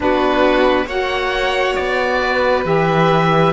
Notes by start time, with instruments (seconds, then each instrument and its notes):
0.00 cello B3, saxophone D4, violin F#4, oboe B4
0.85 cello A#3, saxophone F#4, violin C#5, oboe F#5
1.75 cello B3, oboe D5
2.21 violin B4
2.65 cello E3, saxophone G4, oboe E5